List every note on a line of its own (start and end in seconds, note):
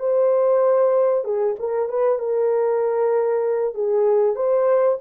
0.00 1.25 C5
1.25 1.56 G#4
1.59 1.89 A#4
1.89 2.19 B4
2.19 3.74 A#4
3.74 4.36 G#4
4.36 4.98 C5